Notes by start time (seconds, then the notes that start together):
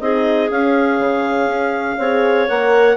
0.00 C4 D#4 G#4 D#5
0.49 C#4 F5
0.99 C#3
1.46 C#4
1.98 C4 G#4 C#5
2.48 A#3 A#4 F#5